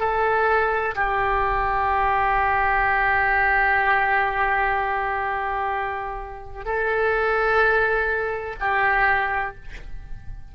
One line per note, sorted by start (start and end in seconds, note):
0.00 0.95 A4
0.96 6.65 G4
6.65 8.56 A4
8.61 9.56 G4